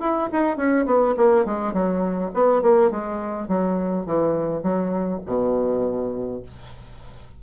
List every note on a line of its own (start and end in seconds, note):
0.00 0.29 E4
0.32 0.57 D#4
0.57 0.86 C#4
0.86 1.15 B3
1.17 1.45 A#3
1.45 1.73 G#3
1.73 2.31 F#3
2.34 2.62 B3
2.62 2.91 A#3
2.91 3.48 G#3
3.48 4.06 F#3
4.06 4.63 E3
4.63 5.21 F#3
5.26 6.42 B2